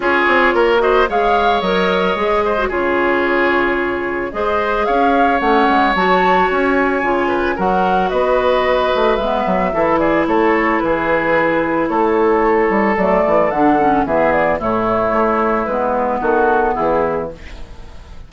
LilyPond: <<
  \new Staff \with { instrumentName = "flute" } { \time 4/4 \tempo 4 = 111 cis''4. dis''8 f''4 dis''4~ | dis''4 cis''2. | dis''4 f''4 fis''4 a''4 | gis''2 fis''4 dis''4~ |
dis''4 e''4. d''8 cis''4 | b'2 cis''2 | d''4 fis''4 e''8 d''8 cis''4~ | cis''4 b'4 a'4 gis'4 | }
  \new Staff \with { instrumentName = "oboe" } { \time 4/4 gis'4 ais'8 c''8 cis''2~ | cis''8 c''8 gis'2. | c''4 cis''2.~ | cis''4. b'8 ais'4 b'4~ |
b'2 a'8 gis'8 a'4 | gis'2 a'2~ | a'2 gis'4 e'4~ | e'2 fis'4 e'4 | }
  \new Staff \with { instrumentName = "clarinet" } { \time 4/4 f'4. fis'8 gis'4 ais'4 | gis'8. fis'16 f'2. | gis'2 cis'4 fis'4~ | fis'4 f'4 fis'2~ |
fis'4 b4 e'2~ | e'1 | a4 d'8 cis'8 b4 a4~ | a4 b2. | }
  \new Staff \with { instrumentName = "bassoon" } { \time 4/4 cis'8 c'8 ais4 gis4 fis4 | gis4 cis2. | gis4 cis'4 a8 gis8 fis4 | cis'4 cis4 fis4 b4~ |
b8 a8 gis8 fis8 e4 a4 | e2 a4. g8 | fis8 e8 d4 e4 a,4 | a4 gis4 dis4 e4 | }
>>